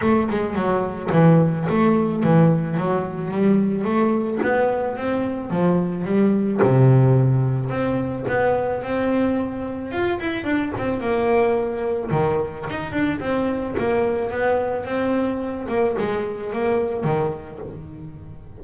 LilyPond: \new Staff \with { instrumentName = "double bass" } { \time 4/4 \tempo 4 = 109 a8 gis8 fis4 e4 a4 | e4 fis4 g4 a4 | b4 c'4 f4 g4 | c2 c'4 b4 |
c'2 f'8 e'8 d'8 c'8 | ais2 dis4 dis'8 d'8 | c'4 ais4 b4 c'4~ | c'8 ais8 gis4 ais4 dis4 | }